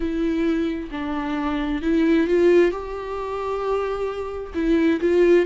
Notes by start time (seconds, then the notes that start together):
0.00 E4
0.91 D4
1.81 E4
2.27 F4
2.71 G4
4.54 E4
5.00 F4